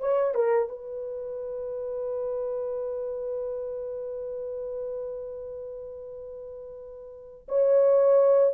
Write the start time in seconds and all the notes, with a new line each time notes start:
0.00 C#5
0.34 A#4
0.69 B4
7.48 C#5